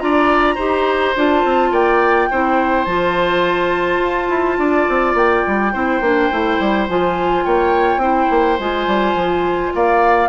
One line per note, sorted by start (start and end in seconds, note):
0.00 0.58 D4
0.00 0.57 F4
0.00 0.55 D5
0.00 1.15 A#5
0.55 1.15 D#4
0.55 1.16 G4
0.55 1.70 C5
1.16 1.45 D4
1.16 2.31 F4
1.16 1.75 A5
1.45 1.72 C4
1.72 2.29 A#3
1.72 2.29 D5
1.72 2.85 G5
2.31 2.87 C4
2.31 2.88 E4
2.31 4.60 C5
2.85 4.00 F3
2.85 5.74 F4
2.85 5.14 A5
4.00 4.28 F4
4.29 4.58 E4
4.59 4.87 D4
4.59 5.73 D5
4.89 5.15 C4
5.15 5.43 A#3
5.15 6.88 G5
5.47 5.75 G3
5.73 6.01 C4
5.73 6.02 E4
5.73 7.45 C5
6.01 6.30 A#3
6.01 6.32 D4
6.32 6.60 A3
6.32 6.89 E4
6.60 6.89 G3
6.89 7.46 F3
6.89 8.01 F4
6.89 7.45 G#5
7.45 7.97 A#3
7.45 8.02 C#5
7.45 8.60 G5
7.97 8.26 C4
7.97 8.58 E4
7.97 9.74 C5
8.31 8.59 A#3
8.59 8.87 G#3
8.59 10.30 F4
8.59 9.74 G#5
8.87 9.15 G3
9.15 9.72 F3
9.75 10.30 A#3
9.75 10.30 D5
9.75 10.30 F5